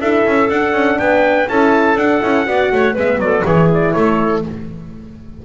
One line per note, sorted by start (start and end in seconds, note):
0.00 0.25 D4
0.00 0.49 E4
0.00 0.99 A4
0.00 0.49 E5
0.25 0.49 C#4
0.49 0.72 D4
0.49 1.48 D4
0.49 0.99 F#5
0.72 0.97 C#4
0.98 1.48 B3
0.98 1.49 B4
0.98 1.48 G5
1.48 1.96 C#4
1.48 1.97 E4
1.48 2.47 A4
1.48 1.98 A5
1.96 2.20 D4
1.96 2.21 D4
1.96 2.96 F#5
2.21 2.46 C#4
2.21 2.45 E4
2.45 2.71 B3
2.45 2.94 F#4
2.45 2.72 D5
2.71 2.96 A3
2.71 2.93 C#5
2.93 3.18 G#3
2.93 3.45 B3
2.93 3.18 B4
2.93 3.19 E5
3.18 3.42 F#3
3.18 3.45 A4
3.18 3.44 D5
3.45 3.94 E3
3.45 4.44 E4
3.45 3.94 G#4
3.45 3.69 C#5
3.73 3.92 D5
3.92 4.44 A3
3.92 4.43 A4
3.92 4.42 C#5